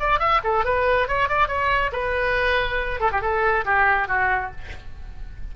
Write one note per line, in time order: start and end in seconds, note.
0.00 0.19 D5
0.19 0.41 E5
0.44 0.65 A4
0.65 1.08 B4
1.08 1.29 C#5
1.29 1.48 D5
1.48 1.91 C#5
1.92 3.00 B4
3.01 3.11 A4
3.12 3.21 G4
3.21 3.65 A4
3.65 4.08 G4
4.08 4.51 F#4